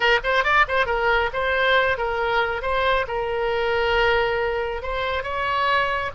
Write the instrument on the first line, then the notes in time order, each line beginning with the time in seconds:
oboe
0.00 A#4
0.23 C5
0.44 D5
0.67 C5
0.86 A#4
1.33 C5
1.97 A#4
2.62 C5
3.07 A#4
4.82 C5
5.23 C#5